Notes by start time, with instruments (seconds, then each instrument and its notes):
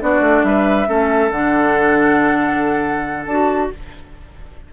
0.00 bassoon B3, clarinet D4, oboe F#4, flute D5
0.21 bassoon A3
0.44 bassoon G3, oboe B4, flute E5
0.87 bassoon A3, clarinet C#4, oboe A4
1.30 bassoon D3, clarinet D4, flute F#5
3.26 bassoon D4, clarinet F#4, flute A5